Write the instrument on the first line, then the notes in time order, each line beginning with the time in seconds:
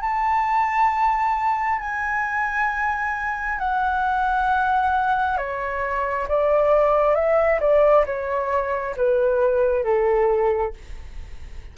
flute
0.00 A5
1.79 G#5
3.58 F#5
5.37 C#5
6.28 D5
7.14 E5
7.60 D5
8.05 C#5
8.96 B4
9.83 A4